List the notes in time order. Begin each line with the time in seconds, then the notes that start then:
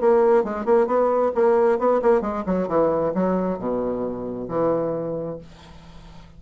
0.00 A#3
0.43 G#3
0.65 A#3
0.87 B3
1.35 A#3
1.78 B3
2.02 A#3
2.21 G#3
2.46 F#3
2.68 E3
3.14 F#3
3.58 B2
4.48 E3